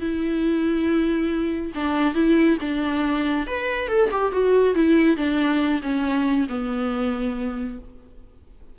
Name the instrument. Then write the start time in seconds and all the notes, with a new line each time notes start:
viola
0.00 E4
1.75 D4
2.15 E4
2.61 D4
3.47 B4
3.88 A4
4.11 G4
4.32 F#4
4.75 E4
5.17 D4
5.83 C#4
6.49 B3